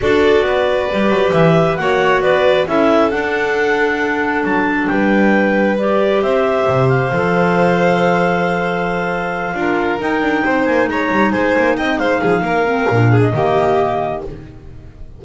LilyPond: <<
  \new Staff \with { instrumentName = "clarinet" } { \time 4/4 \tempo 4 = 135 d''2. e''4 | fis''4 d''4 e''4 fis''4~ | fis''2 a''4 g''4~ | g''4 d''4 e''4. f''8~ |
f''1~ | f''2~ f''8 g''4. | gis''8 ais''4 gis''4 g''8 f''4~ | f''4.~ f''16 dis''2~ dis''16 | }
  \new Staff \with { instrumentName = "violin" } { \time 4/4 a'4 b'2. | cis''4 b'4 a'2~ | a'2. b'4~ | b'2 c''2~ |
c''1~ | c''4. ais'2 c''8~ | c''8 cis''4 c''4 dis''8 c''8 gis'8 | ais'4. gis'8 g'2 | }
  \new Staff \with { instrumentName = "clarinet" } { \time 4/4 fis'2 g'2 | fis'2 e'4 d'4~ | d'1~ | d'4 g'2. |
a'1~ | a'4. f'4 dis'4.~ | dis'1~ | dis'8 c'8 d'4 ais2 | }
  \new Staff \with { instrumentName = "double bass" } { \time 4/4 d'4 b4 g8 fis8 e4 | ais4 b4 cis'4 d'4~ | d'2 fis4 g4~ | g2 c'4 c4 |
f1~ | f4. d'4 dis'8 d'8 c'8 | ais8 gis8 g8 gis8 ais8 c'8 gis8 f8 | ais4 ais,4 dis2 | }
>>